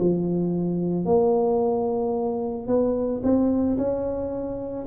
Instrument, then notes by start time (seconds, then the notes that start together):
tuba
0.00 F3
1.06 A#3
2.68 B3
3.24 C4
3.78 C#4